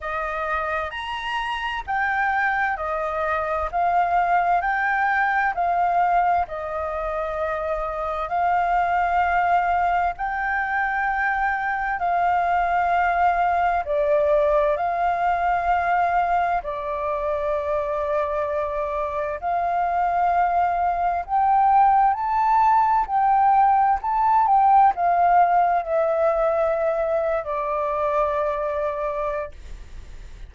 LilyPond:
\new Staff \with { instrumentName = "flute" } { \time 4/4 \tempo 4 = 65 dis''4 ais''4 g''4 dis''4 | f''4 g''4 f''4 dis''4~ | dis''4 f''2 g''4~ | g''4 f''2 d''4 |
f''2 d''2~ | d''4 f''2 g''4 | a''4 g''4 a''8 g''8 f''4 | e''4.~ e''16 d''2~ d''16 | }